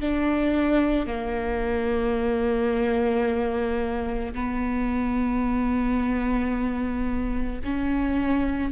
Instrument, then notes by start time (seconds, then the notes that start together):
viola
0.00 D4
1.07 A#3
4.34 B3
7.64 C#4